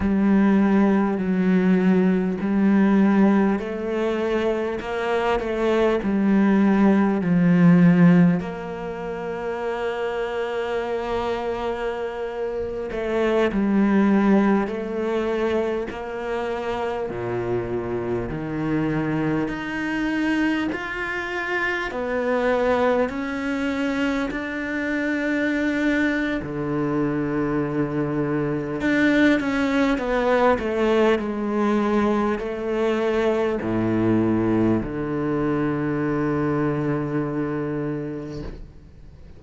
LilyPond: \new Staff \with { instrumentName = "cello" } { \time 4/4 \tempo 4 = 50 g4 fis4 g4 a4 | ais8 a8 g4 f4 ais4~ | ais2~ ais8. a8 g8.~ | g16 a4 ais4 ais,4 dis8.~ |
dis16 dis'4 f'4 b4 cis'8.~ | cis'16 d'4.~ d'16 d2 | d'8 cis'8 b8 a8 gis4 a4 | a,4 d2. | }